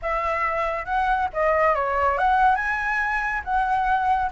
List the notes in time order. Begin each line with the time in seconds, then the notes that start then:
0.02 E5
0.85 F#5
1.33 D#5
1.74 C#5
2.18 F#5
2.55 G#5
3.44 F#5